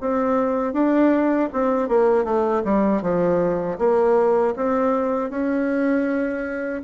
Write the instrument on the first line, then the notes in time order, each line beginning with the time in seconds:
bassoon
0.00 C4
0.73 D4
1.53 C4
1.88 A#3
2.24 A3
2.64 G3
3.02 F3
3.78 A#3
4.56 C4
5.30 C#4